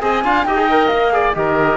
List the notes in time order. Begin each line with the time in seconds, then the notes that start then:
0.00 C4 G#4 D#5 G#5
0.24 D4 F4 F5
0.44 D#4 G4 D#5 G5
0.57 G#4
0.71 A#4
0.88 A#3 F5
1.12 G#4 D5
1.34 D#3 G4 A#4 D#5